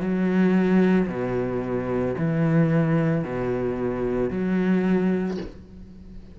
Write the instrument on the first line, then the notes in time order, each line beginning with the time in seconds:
cello
0.00 F#3
1.08 B2
2.18 E3
3.24 B2
4.30 F#3